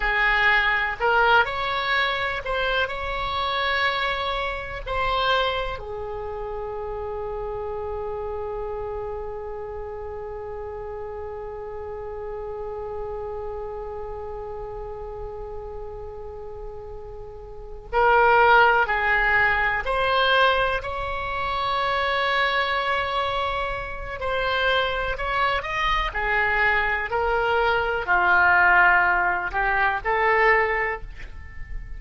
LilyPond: \new Staff \with { instrumentName = "oboe" } { \time 4/4 \tempo 4 = 62 gis'4 ais'8 cis''4 c''8 cis''4~ | cis''4 c''4 gis'2~ | gis'1~ | gis'1~ |
gis'2~ gis'8 ais'4 gis'8~ | gis'8 c''4 cis''2~ cis''8~ | cis''4 c''4 cis''8 dis''8 gis'4 | ais'4 f'4. g'8 a'4 | }